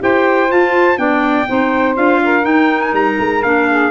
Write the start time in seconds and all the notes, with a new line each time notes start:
0.00 E4 G4 C5 G5
0.49 F4 A5
0.96 B3 D4 D5 G5
1.47 C4 D#4 C5
1.96 D4 F4 F5
2.24 A#4
2.42 D#4 G5
2.81 G#5
2.93 G3 A#5
3.19 G#3
3.43 A#3 D4 F5
3.69 G#4